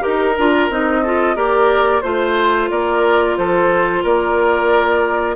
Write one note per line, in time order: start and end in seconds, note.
0.00 0.38 D#4
0.00 0.33 G4
0.00 1.01 A#4
0.00 0.70 A#4
0.38 0.70 D4
0.38 0.71 F4
0.70 1.35 C4
0.70 1.04 D#4
0.70 1.36 D#5
1.03 1.35 F4
1.03 1.36 A4
1.35 2.02 A#3
1.35 2.02 G4
1.35 2.02 A#4
1.35 2.01 D5
2.01 2.70 A3
2.01 5.35 F4
2.01 2.68 C5
2.01 2.70 C5
2.70 3.37 A#3
2.70 3.37 A#4
2.70 3.37 D5
3.37 4.04 F3
3.37 4.03 A4
3.37 4.03 C5
4.03 5.35 A#3
4.03 5.35 A#4
4.03 5.35 D5